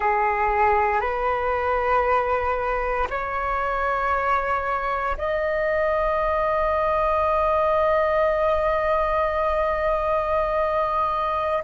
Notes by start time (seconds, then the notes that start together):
0.00 G#4
1.01 B4
3.10 C#5
5.17 D#5